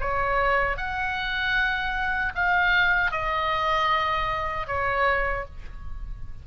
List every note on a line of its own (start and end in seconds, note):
0.00 0.77 C#5
0.77 2.33 F#5
2.35 3.11 F5
3.11 4.67 D#5
4.67 5.45 C#5